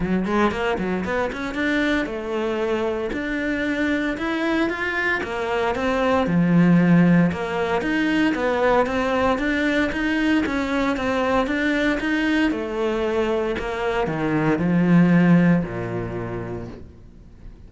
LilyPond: \new Staff \with { instrumentName = "cello" } { \time 4/4 \tempo 4 = 115 fis8 gis8 ais8 fis8 b8 cis'8 d'4 | a2 d'2 | e'4 f'4 ais4 c'4 | f2 ais4 dis'4 |
b4 c'4 d'4 dis'4 | cis'4 c'4 d'4 dis'4 | a2 ais4 dis4 | f2 ais,2 | }